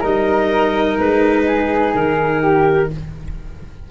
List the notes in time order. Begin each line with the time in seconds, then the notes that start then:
0.00 G3 D#4 A#4 D#5
0.98 G#3 B4
1.47 G#4
1.95 D#3 A#4
2.41 G4